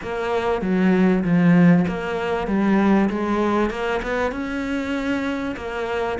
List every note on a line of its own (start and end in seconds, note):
0.02 0.61 A#3
0.61 1.23 F#3
1.23 1.85 F3
1.88 2.47 A#3
2.47 3.09 G3
3.09 3.70 G#3
3.70 4.01 A#3
4.02 4.31 B3
4.31 5.55 C#4
5.56 6.18 A#3